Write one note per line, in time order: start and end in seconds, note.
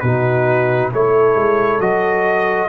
0.00 0.92 B2
0.00 0.93 D#4
0.00 0.91 F#4
0.00 0.90 B4
0.93 1.36 A3
0.93 1.81 E4
0.93 2.69 A4
0.93 1.81 C#5
1.36 1.80 G#3
1.80 2.69 F#3
1.80 2.69 F#4
1.80 2.69 D#5